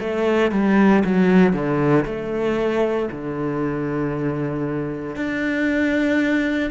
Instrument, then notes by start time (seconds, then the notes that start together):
cello
0.00 A3
0.52 G3
1.05 F#3
1.53 D3
2.06 A3
3.12 D3
5.16 D4